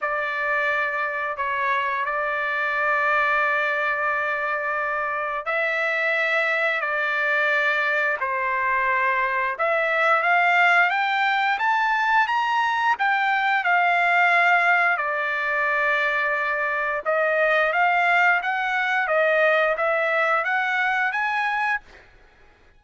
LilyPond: \new Staff \with { instrumentName = "trumpet" } { \time 4/4 \tempo 4 = 88 d''2 cis''4 d''4~ | d''1 | e''2 d''2 | c''2 e''4 f''4 |
g''4 a''4 ais''4 g''4 | f''2 d''2~ | d''4 dis''4 f''4 fis''4 | dis''4 e''4 fis''4 gis''4 | }